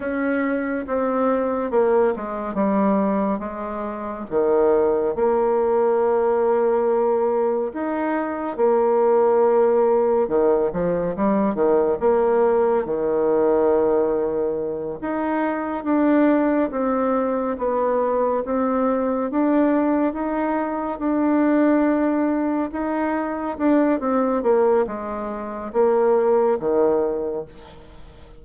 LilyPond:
\new Staff \with { instrumentName = "bassoon" } { \time 4/4 \tempo 4 = 70 cis'4 c'4 ais8 gis8 g4 | gis4 dis4 ais2~ | ais4 dis'4 ais2 | dis8 f8 g8 dis8 ais4 dis4~ |
dis4. dis'4 d'4 c'8~ | c'8 b4 c'4 d'4 dis'8~ | dis'8 d'2 dis'4 d'8 | c'8 ais8 gis4 ais4 dis4 | }